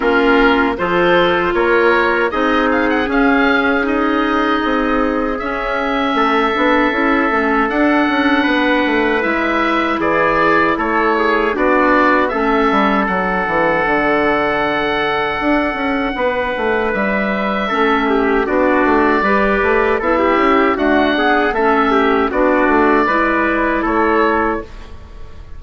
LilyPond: <<
  \new Staff \with { instrumentName = "oboe" } { \time 4/4 \tempo 4 = 78 ais'4 c''4 cis''4 dis''8 f''16 fis''16 | f''4 dis''2 e''4~ | e''2 fis''2 | e''4 d''4 cis''4 d''4 |
e''4 fis''2.~ | fis''2 e''2 | d''2 e''4 fis''4 | e''4 d''2 cis''4 | }
  \new Staff \with { instrumentName = "trumpet" } { \time 4/4 f'4 a'4 ais'4 gis'4~ | gis'1 | a'2. b'4~ | b'4 gis'4 a'8 gis'8 fis'4 |
a'1~ | a'4 b'2 a'8 g'8 | fis'4 b'4 a'16 g'8. fis'8 gis'8 | a'8 g'8 fis'4 b'4 a'4 | }
  \new Staff \with { instrumentName = "clarinet" } { \time 4/4 cis'4 f'2 dis'4 | cis'4 dis'2 cis'4~ | cis'8 d'8 e'8 cis'8 d'2 | e'2. d'4 |
cis'4 d'2.~ | d'2. cis'4 | d'4 g'4 e'4 a8 b8 | cis'4 d'4 e'2 | }
  \new Staff \with { instrumentName = "bassoon" } { \time 4/4 ais4 f4 ais4 c'4 | cis'2 c'4 cis'4 | a8 b8 cis'8 a8 d'8 cis'8 b8 a8 | gis4 e4 a4 b4 |
a8 g8 fis8 e8 d2 | d'8 cis'8 b8 a8 g4 a4 | b8 a8 g8 a8 b8 cis'8 d'4 | a4 b8 a8 gis4 a4 | }
>>